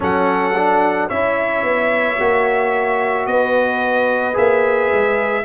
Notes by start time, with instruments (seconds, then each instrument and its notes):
0.00 tuba F#3, trombone C#4, horn A4, trumpet F#5
0.55 trombone D4
1.08 tuba C#4, trombone E4, horn C#5, trumpet E5
1.63 tuba B3
2.19 tuba A#3, trombone F#4
3.26 tuba B3, horn B4, trumpet D#5
4.33 tuba A#3, trombone G#4, trumpet E5
4.92 tuba G#3